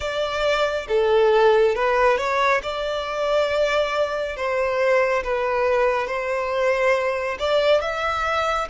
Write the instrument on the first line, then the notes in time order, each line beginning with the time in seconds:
violin
0.00 D5
0.88 A4
1.75 B4
2.17 C#5
2.62 D5
4.36 C5
5.23 B4
6.07 C5
7.39 D5
7.81 E5